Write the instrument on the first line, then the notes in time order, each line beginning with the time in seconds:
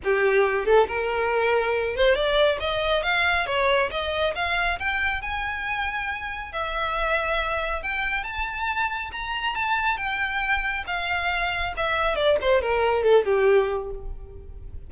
violin
0.03 G4
0.65 A4
0.87 A#4
1.96 C5
2.15 D5
2.59 D#5
3.03 F5
3.46 C#5
3.90 D#5
4.35 F5
4.79 G5
5.21 G#5
6.52 E5
7.82 G5
8.23 A5
9.12 A#5
9.55 A5
9.97 G5
10.86 F5
11.76 E5
12.15 D5
12.41 C5
12.61 A#4
13.03 A4
13.25 G4